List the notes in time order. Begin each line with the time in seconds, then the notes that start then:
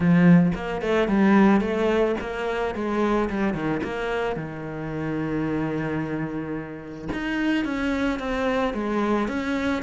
0.00 F3
0.54 A#3
0.81 A3
1.08 G3
1.61 A3
2.20 A#3
2.74 G#3
3.29 G3
3.53 D#3
3.83 A#3
4.35 D#3
7.13 D#4
7.64 C#4
8.19 C4
8.73 G#3
9.28 C#4